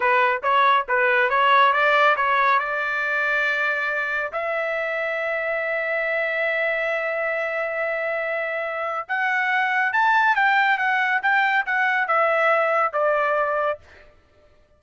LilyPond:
\new Staff \with { instrumentName = "trumpet" } { \time 4/4 \tempo 4 = 139 b'4 cis''4 b'4 cis''4 | d''4 cis''4 d''2~ | d''2 e''2~ | e''1~ |
e''1~ | e''4 fis''2 a''4 | g''4 fis''4 g''4 fis''4 | e''2 d''2 | }